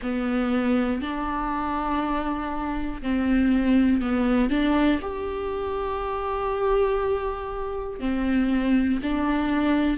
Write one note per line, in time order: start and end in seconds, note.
0.02 1.01 B3
1.01 3.01 D4
3.02 4.01 C4
4.01 4.50 B3
4.50 5.00 D4
5.01 7.99 G4
7.99 8.99 C4
9.02 9.97 D4